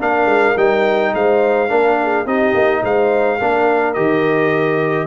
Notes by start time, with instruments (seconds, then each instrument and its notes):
0.00 tuba A#3, trombone D4, horn A#4, trumpet F5
0.26 tuba G#3
0.57 tuba G3, trombone D#4, trumpet G5
1.15 tuba G#3, horn C5, trumpet F5
1.69 tuba A#3, trombone D4, horn A#4
2.03 horn G#4
2.26 tuba C4, trombone D#4, horn G4, trumpet D#5
2.55 tuba A#3
2.83 tuba G#3, horn C5, trumpet F5
3.39 tuba A#3, trombone D4, horn A#4
3.94 tuba D#3, trombone G4, trumpet D#5